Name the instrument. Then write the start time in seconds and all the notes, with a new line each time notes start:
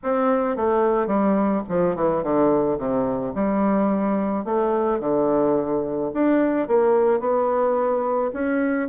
bassoon
0.03 C4
0.56 A3
1.06 G3
1.68 F3
1.95 E3
2.23 D3
2.78 C3
3.34 G3
4.44 A3
4.99 D3
6.13 D4
6.67 A#3
7.20 B3
8.33 C#4